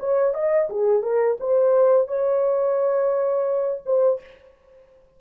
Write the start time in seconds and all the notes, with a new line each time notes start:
0.00 C#5
0.34 D#5
0.70 G#4
1.03 A#4
1.40 C5
2.08 C#5
3.86 C5